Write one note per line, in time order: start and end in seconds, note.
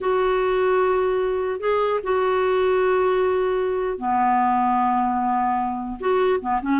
0.00 1.59 F#4
1.59 1.99 G#4
2.03 3.98 F#4
3.98 5.98 B3
5.99 6.39 F#4
6.41 6.61 B3
6.61 6.80 C#4